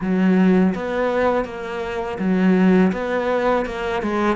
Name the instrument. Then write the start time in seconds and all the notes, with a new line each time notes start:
cello
0.00 F#3
0.74 B3
1.45 A#3
2.19 F#3
2.92 B3
3.65 A#3
4.02 G#3